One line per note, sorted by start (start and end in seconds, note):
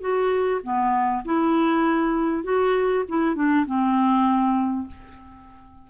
0.00 0.61 F#4
0.63 1.23 B3
1.25 2.44 E4
2.44 3.04 F#4
3.08 3.35 E4
3.35 3.66 D4
3.66 4.87 C4